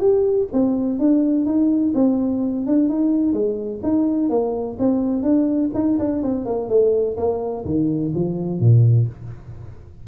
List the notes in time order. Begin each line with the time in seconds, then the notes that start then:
0.00 G4
0.53 C4
0.99 D4
1.46 D#4
1.95 C4
2.66 D4
2.90 D#4
3.33 G#3
3.83 D#4
4.30 A#3
4.79 C4
5.23 D4
5.75 D#4
5.99 D4
6.23 C4
6.46 A#3
6.69 A3
7.17 A#3
7.65 D#3
8.15 F3
8.60 A#2